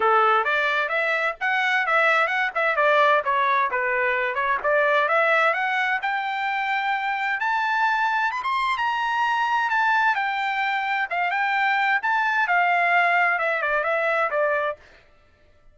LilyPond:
\new Staff \with { instrumentName = "trumpet" } { \time 4/4 \tempo 4 = 130 a'4 d''4 e''4 fis''4 | e''4 fis''8 e''8 d''4 cis''4 | b'4. cis''8 d''4 e''4 | fis''4 g''2. |
a''2 b''16 c'''8. ais''4~ | ais''4 a''4 g''2 | f''8 g''4. a''4 f''4~ | f''4 e''8 d''8 e''4 d''4 | }